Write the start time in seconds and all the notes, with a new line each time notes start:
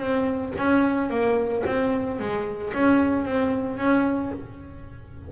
0.00 C4
0.58 C#4
1.10 A#3
1.67 C4
2.20 G#3
2.74 C#4
3.26 C4
3.78 C#4